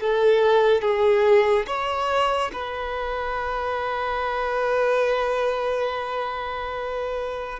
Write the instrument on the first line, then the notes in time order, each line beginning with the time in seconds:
violin
0.00 A4
0.81 G#4
1.66 C#5
2.52 B4